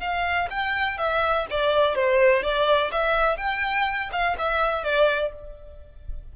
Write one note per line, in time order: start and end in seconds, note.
0.00 0.48 F5
0.50 0.98 G5
0.98 1.46 E5
1.50 1.95 D5
1.95 2.42 C5
2.42 2.91 D5
2.92 3.37 E5
3.37 4.10 G5
4.12 4.36 F5
4.38 4.84 E5
4.84 5.32 D5